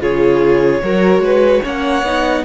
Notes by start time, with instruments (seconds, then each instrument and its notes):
0.00 cello C#3, viola F4, violin G#4 C#5
0.82 cello F#3, viola F#4, violin A#4
1.19 cello G#3, violin B4
1.63 cello A#3, viola C#4, violin C#5 F#5
2.03 cello B3, viola D#4